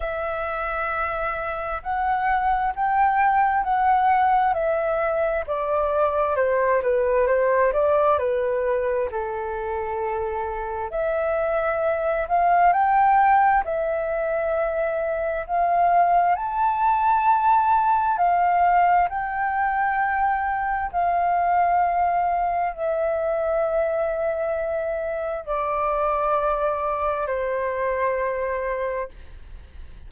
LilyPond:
\new Staff \with { instrumentName = "flute" } { \time 4/4 \tempo 4 = 66 e''2 fis''4 g''4 | fis''4 e''4 d''4 c''8 b'8 | c''8 d''8 b'4 a'2 | e''4. f''8 g''4 e''4~ |
e''4 f''4 a''2 | f''4 g''2 f''4~ | f''4 e''2. | d''2 c''2 | }